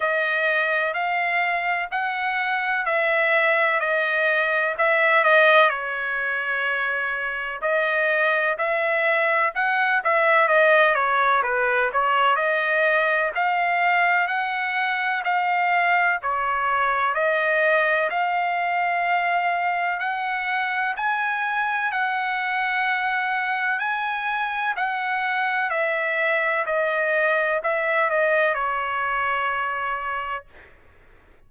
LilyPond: \new Staff \with { instrumentName = "trumpet" } { \time 4/4 \tempo 4 = 63 dis''4 f''4 fis''4 e''4 | dis''4 e''8 dis''8 cis''2 | dis''4 e''4 fis''8 e''8 dis''8 cis''8 | b'8 cis''8 dis''4 f''4 fis''4 |
f''4 cis''4 dis''4 f''4~ | f''4 fis''4 gis''4 fis''4~ | fis''4 gis''4 fis''4 e''4 | dis''4 e''8 dis''8 cis''2 | }